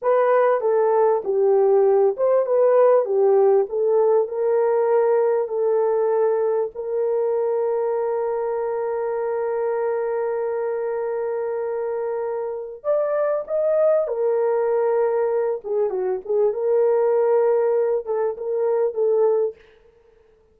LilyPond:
\new Staff \with { instrumentName = "horn" } { \time 4/4 \tempo 4 = 98 b'4 a'4 g'4. c''8 | b'4 g'4 a'4 ais'4~ | ais'4 a'2 ais'4~ | ais'1~ |
ais'1~ | ais'4 d''4 dis''4 ais'4~ | ais'4. gis'8 fis'8 gis'8 ais'4~ | ais'4. a'8 ais'4 a'4 | }